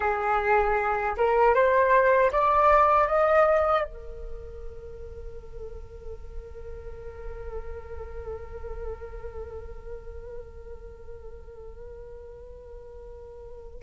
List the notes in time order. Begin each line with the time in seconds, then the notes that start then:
0.00 G#4
1.17 A#4
1.54 C5
2.32 D5
3.07 D#5
3.84 A#4